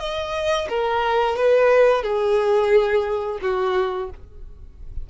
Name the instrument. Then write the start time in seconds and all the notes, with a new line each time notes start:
violin
0.00 D#5
0.69 A#4
1.37 B4
2.03 G#4
3.42 F#4